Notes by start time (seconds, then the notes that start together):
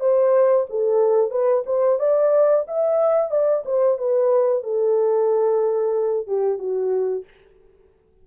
0.00 C5
0.69 A4
1.31 B4
1.66 C5
1.99 D5
2.68 E5
3.31 D5
3.65 C5
3.98 B4
4.63 A4
6.27 G4
6.58 F#4